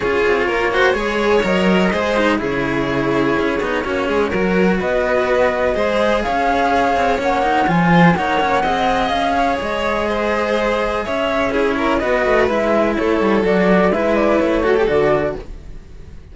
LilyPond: <<
  \new Staff \with { instrumentName = "flute" } { \time 4/4 \tempo 4 = 125 cis''2. dis''4~ | dis''4 cis''2.~ | cis''2 dis''2~ | dis''4 f''2 fis''4 |
gis''4 fis''2 f''4 | dis''2. e''4 | cis''4 dis''4 e''4 cis''4 | d''4 e''8 d''8 cis''4 d''4 | }
  \new Staff \with { instrumentName = "violin" } { \time 4/4 gis'4 ais'8 c''8 cis''2 | c''4 gis'2. | fis'8 gis'8 ais'4 b'2 | c''4 cis''2.~ |
cis''8 c''8 cis''4 dis''4. cis''8~ | cis''4 c''2 cis''4 | gis'8 ais'8 b'2 a'4~ | a'4 b'4. a'4. | }
  \new Staff \with { instrumentName = "cello" } { \time 4/4 f'4. fis'8 gis'4 ais'4 | gis'8 dis'8 e'2~ e'8 dis'8 | cis'4 fis'2. | gis'2. cis'8 dis'8 |
f'4 dis'8 cis'8 gis'2~ | gis'1 | e'4 fis'4 e'2 | fis'4 e'4. fis'16 g'16 fis'4 | }
  \new Staff \with { instrumentName = "cello" } { \time 4/4 cis'8 c'8 ais4 gis4 fis4 | gis4 cis2 cis'8 b8 | ais8 gis8 fis4 b2 | gis4 cis'4. c'8 ais4 |
f4 ais4 c'4 cis'4 | gis2. cis'4~ | cis'4 b8 a8 gis4 a8 g8 | fis4 gis4 a4 d4 | }
>>